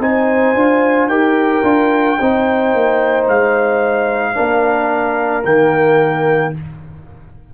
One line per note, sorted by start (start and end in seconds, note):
0.00 0.55 C4
0.00 0.56 D#4
0.00 1.10 C5
0.00 1.09 G#5
0.55 1.07 D4
0.55 1.10 F4
1.07 1.62 D#4
1.07 1.64 G4
1.07 2.19 A#4
1.07 3.27 G5
1.63 2.18 D4
1.63 2.19 F4
2.19 2.74 C4
2.19 4.35 D#4
2.19 4.36 C5
2.74 3.28 A#3
3.28 4.37 G#3
3.28 5.45 F5
4.35 5.45 A#3
4.35 5.44 D4
4.35 6.54 A#4
5.45 6.54 D#3
5.45 6.54 A#3
5.45 6.55 G5